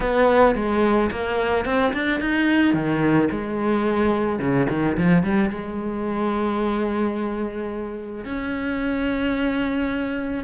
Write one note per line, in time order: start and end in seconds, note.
0.00 0.55 B3
0.55 1.10 G#3
1.11 1.65 A#3
1.65 1.92 C4
1.93 2.20 D4
2.20 2.73 D#4
2.73 3.28 D#3
3.31 4.39 G#3
4.39 4.66 C#3
4.69 4.96 D#3
4.97 5.23 F3
5.23 5.50 G3
5.50 8.24 G#3
8.24 10.44 C#4